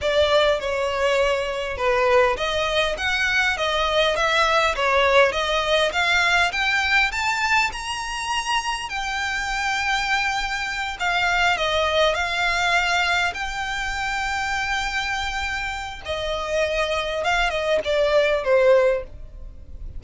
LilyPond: \new Staff \with { instrumentName = "violin" } { \time 4/4 \tempo 4 = 101 d''4 cis''2 b'4 | dis''4 fis''4 dis''4 e''4 | cis''4 dis''4 f''4 g''4 | a''4 ais''2 g''4~ |
g''2~ g''8 f''4 dis''8~ | dis''8 f''2 g''4.~ | g''2. dis''4~ | dis''4 f''8 dis''8 d''4 c''4 | }